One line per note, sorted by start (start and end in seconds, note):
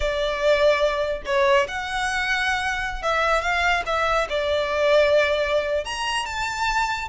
0.00 1.22 D5
1.25 1.67 C#5
1.68 3.02 F#5
3.02 3.41 E5
3.41 3.83 F5
3.85 4.27 E5
4.29 5.84 D5
5.84 6.25 A#5
6.25 7.09 A5